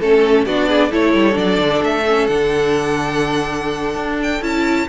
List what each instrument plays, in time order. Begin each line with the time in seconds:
0.00 cello A3, viola C#4, violin A4
0.46 cello B3, viola D4, violin F#4 D5
0.68 violin G#4
0.90 cello A3, viola E4, violin A4 C#5
1.14 cello G3
1.33 cello F#3, viola D4, violin D5
1.59 cello D3
1.83 cello A3, violin E5
2.08 viola C#4
2.27 cello D3, viola D4, violin F#5
3.96 cello D4
4.23 violin G5
4.42 cello C#4, viola E4, violin A5